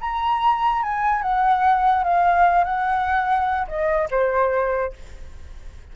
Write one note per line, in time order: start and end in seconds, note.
0.00 0.82 A#5
0.82 1.22 G#5
1.22 2.03 F#5
2.03 2.64 F5
2.64 3.66 F#5
3.67 4.08 D#5
4.10 4.93 C5